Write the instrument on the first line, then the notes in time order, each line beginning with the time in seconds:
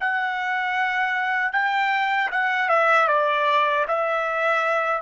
trumpet
0.00 F#5
1.53 G5
2.32 F#5
2.69 E5
3.08 D5
3.87 E5